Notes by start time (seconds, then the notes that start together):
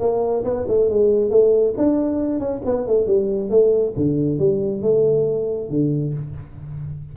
0.00 A#3
0.44 B3
0.68 A3
0.89 G#3
1.30 A3
1.77 D4
2.39 C#4
2.65 B3
2.87 A3
3.07 G3
3.50 A3
3.96 D3
4.39 G3
4.82 A3
5.70 D3